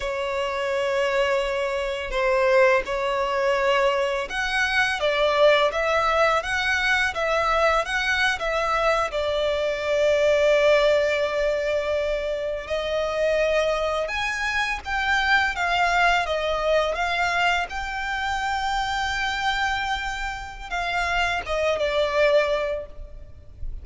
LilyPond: \new Staff \with { instrumentName = "violin" } { \time 4/4 \tempo 4 = 84 cis''2. c''4 | cis''2 fis''4 d''4 | e''4 fis''4 e''4 fis''8. e''16~ | e''8. d''2.~ d''16~ |
d''4.~ d''16 dis''2 gis''16~ | gis''8. g''4 f''4 dis''4 f''16~ | f''8. g''2.~ g''16~ | g''4 f''4 dis''8 d''4. | }